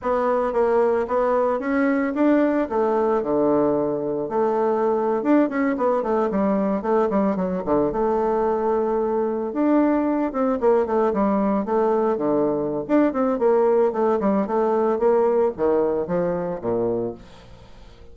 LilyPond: \new Staff \with { instrumentName = "bassoon" } { \time 4/4 \tempo 4 = 112 b4 ais4 b4 cis'4 | d'4 a4 d2 | a4.~ a16 d'8 cis'8 b8 a8 g16~ | g8. a8 g8 fis8 d8 a4~ a16~ |
a4.~ a16 d'4. c'8 ais16~ | ais16 a8 g4 a4 d4~ d16 | d'8 c'8 ais4 a8 g8 a4 | ais4 dis4 f4 ais,4 | }